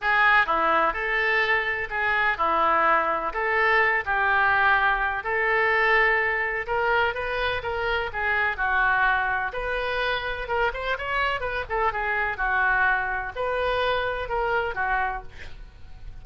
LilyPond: \new Staff \with { instrumentName = "oboe" } { \time 4/4 \tempo 4 = 126 gis'4 e'4 a'2 | gis'4 e'2 a'4~ | a'8 g'2~ g'8 a'4~ | a'2 ais'4 b'4 |
ais'4 gis'4 fis'2 | b'2 ais'8 c''8 cis''4 | b'8 a'8 gis'4 fis'2 | b'2 ais'4 fis'4 | }